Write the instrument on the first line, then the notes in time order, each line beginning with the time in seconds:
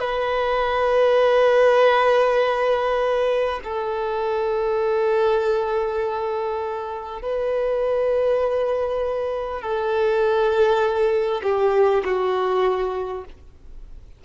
violin
0.00 B4
3.64 A4
7.22 B4
9.62 A4
11.43 G4
12.05 F#4